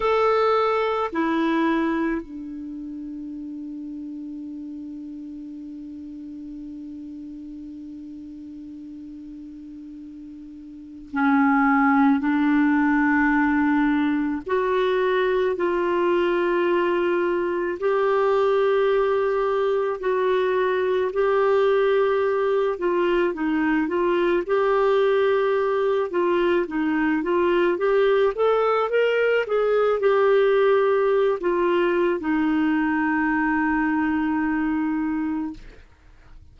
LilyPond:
\new Staff \with { instrumentName = "clarinet" } { \time 4/4 \tempo 4 = 54 a'4 e'4 d'2~ | d'1~ | d'2 cis'4 d'4~ | d'4 fis'4 f'2 |
g'2 fis'4 g'4~ | g'8 f'8 dis'8 f'8 g'4. f'8 | dis'8 f'8 g'8 a'8 ais'8 gis'8 g'4~ | g'16 f'8. dis'2. | }